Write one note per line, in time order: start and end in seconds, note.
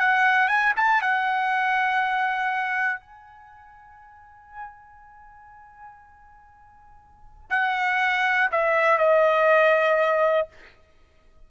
0.00 0.49 F#5
0.49 0.74 G#5
0.77 1.02 A5
1.02 3.00 F#5
3.00 7.50 G#5
7.51 8.51 F#5
8.52 8.99 E5
8.99 10.49 D#5